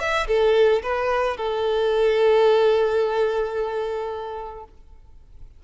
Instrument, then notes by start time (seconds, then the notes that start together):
violin
0.00 E5
0.28 A4
0.83 B4
1.37 A4